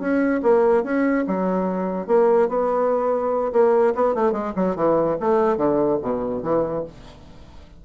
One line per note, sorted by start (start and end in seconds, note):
0.00 0.41 C#4
0.43 0.84 A#3
0.84 1.25 C#4
1.27 2.07 F#3
2.07 2.49 A#3
2.49 3.52 B3
3.53 3.94 A#3
3.95 4.15 B3
4.15 4.33 A3
4.33 4.53 G#3
4.56 4.76 F#3
4.76 5.17 E3
5.20 5.57 A3
5.57 5.99 D3
6.02 6.43 B2
6.43 6.84 E3